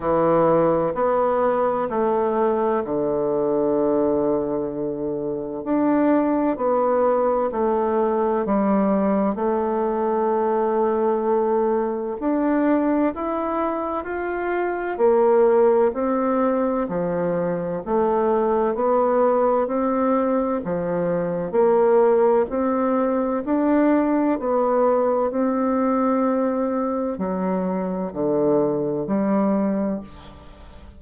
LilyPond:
\new Staff \with { instrumentName = "bassoon" } { \time 4/4 \tempo 4 = 64 e4 b4 a4 d4~ | d2 d'4 b4 | a4 g4 a2~ | a4 d'4 e'4 f'4 |
ais4 c'4 f4 a4 | b4 c'4 f4 ais4 | c'4 d'4 b4 c'4~ | c'4 fis4 d4 g4 | }